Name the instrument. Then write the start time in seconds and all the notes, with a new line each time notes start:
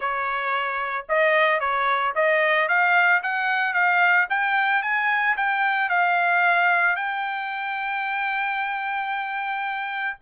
trumpet
0.00 C#5
1.08 D#5
1.60 C#5
2.15 D#5
2.68 F5
3.22 F#5
3.73 F5
4.29 G5
4.82 G#5
5.36 G5
5.89 F5
6.96 G5